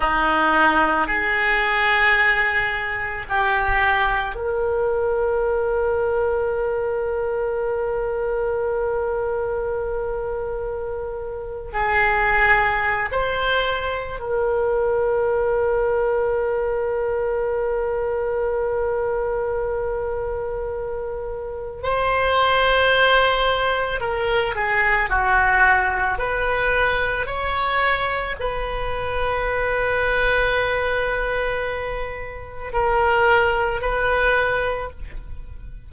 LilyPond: \new Staff \with { instrumentName = "oboe" } { \time 4/4 \tempo 4 = 55 dis'4 gis'2 g'4 | ais'1~ | ais'2~ ais'8. gis'4~ gis'16 | c''4 ais'2.~ |
ais'1 | c''2 ais'8 gis'8 fis'4 | b'4 cis''4 b'2~ | b'2 ais'4 b'4 | }